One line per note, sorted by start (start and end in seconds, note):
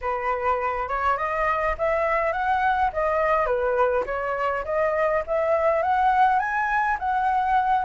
0.01 0.88 B4
0.88 1.17 C#5
1.17 1.75 D#5
1.77 2.32 E5
2.32 2.90 F#5
2.92 3.46 D#5
3.46 4.04 B4
4.06 4.64 C#5
4.64 5.23 D#5
5.27 5.82 E5
5.82 6.39 F#5
6.39 6.97 G#5
6.99 7.85 F#5